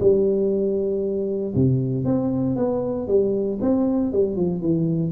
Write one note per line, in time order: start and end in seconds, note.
0.00 1.54 G3
1.55 2.05 C3
2.05 2.56 C4
2.56 3.07 B3
3.08 3.59 G3
3.61 4.12 C4
4.12 4.36 G3
4.36 4.61 F3
4.61 5.12 E3